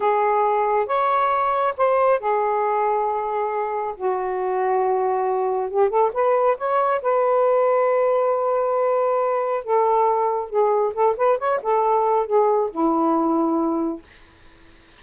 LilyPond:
\new Staff \with { instrumentName = "saxophone" } { \time 4/4 \tempo 4 = 137 gis'2 cis''2 | c''4 gis'2.~ | gis'4 fis'2.~ | fis'4 g'8 a'8 b'4 cis''4 |
b'1~ | b'2 a'2 | gis'4 a'8 b'8 cis''8 a'4. | gis'4 e'2. | }